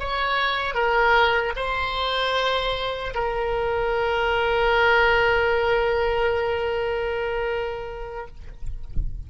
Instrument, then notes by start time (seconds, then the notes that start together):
oboe
0.00 C#5
0.74 A#4
1.56 C5
3.14 A#4